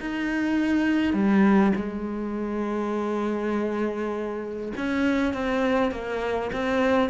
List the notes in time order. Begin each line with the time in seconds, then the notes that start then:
0.00 D#4
1.13 G3
1.76 G#3
4.77 C#4
5.33 C4
5.91 A#3
6.52 C4